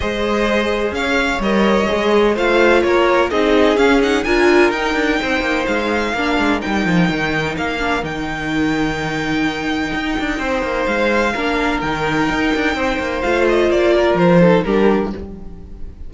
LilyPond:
<<
  \new Staff \with { instrumentName = "violin" } { \time 4/4 \tempo 4 = 127 dis''2 f''4 dis''4~ | dis''4 f''4 cis''4 dis''4 | f''8 fis''8 gis''4 g''2 | f''2 g''2 |
f''4 g''2.~ | g''2. f''4~ | f''4 g''2. | f''8 dis''8 d''4 c''4 ais'4 | }
  \new Staff \with { instrumentName = "violin" } { \time 4/4 c''2 cis''2~ | cis''4 c''4 ais'4 gis'4~ | gis'4 ais'2 c''4~ | c''4 ais'2.~ |
ais'1~ | ais'2 c''2 | ais'2. c''4~ | c''4. ais'4 a'8 g'4 | }
  \new Staff \with { instrumentName = "viola" } { \time 4/4 gis'2. ais'4 | gis'4 f'2 dis'4 | cis'8 dis'8 f'4 dis'2~ | dis'4 d'4 dis'2~ |
dis'8 d'8 dis'2.~ | dis'1 | d'4 dis'2. | f'2~ f'8 dis'8 d'4 | }
  \new Staff \with { instrumentName = "cello" } { \time 4/4 gis2 cis'4 g4 | gis4 a4 ais4 c'4 | cis'4 d'4 dis'8 d'8 c'8 ais8 | gis4 ais8 gis8 g8 f8 dis4 |
ais4 dis2.~ | dis4 dis'8 d'8 c'8 ais8 gis4 | ais4 dis4 dis'8 d'8 c'8 ais8 | a4 ais4 f4 g4 | }
>>